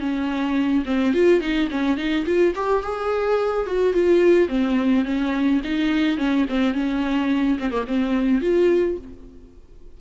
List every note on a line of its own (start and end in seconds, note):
0.00 0.84 C#4
0.86 1.14 C4
1.14 1.41 F4
1.41 1.69 D#4
1.71 1.97 C#4
1.97 2.25 D#4
2.26 2.54 F4
2.55 2.83 G4
2.83 3.66 G#4
3.66 3.93 F#4
3.93 4.49 F4
4.49 5.05 C4
5.05 5.61 C#4
5.64 6.18 D#4
6.18 6.46 C#4
6.49 6.74 C4
6.74 7.58 C#4
7.59 7.71 C4
7.71 7.85 A#3
7.87 8.41 C4
8.41 8.97 F4